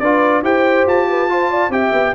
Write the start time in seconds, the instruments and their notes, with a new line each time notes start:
0.00 tuba D4, trombone F4, horn B4, trumpet D5
0.43 tuba E4, trombone G4, horn C5, trumpet G5
0.87 tuba F4, trumpet A5
1.10 horn B4
1.29 trombone F4, horn C5
1.50 horn D5
1.69 tuba C4, trombone G4, horn E5, trumpet G5
1.93 tuba B3